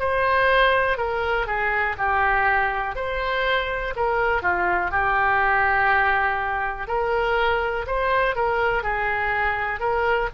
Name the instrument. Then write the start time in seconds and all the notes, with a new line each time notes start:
oboe
0.00 C5
0.98 A#4
1.47 G#4
1.99 G4
2.96 C5
3.96 A#4
4.43 F4
4.92 G4
6.88 A#4
7.87 C5
8.36 A#4
8.83 G#4
9.80 A#4